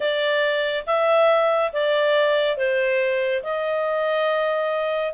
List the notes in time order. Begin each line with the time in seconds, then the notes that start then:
0.00 D5
0.86 E5
1.72 D5
2.57 C5
3.43 D#5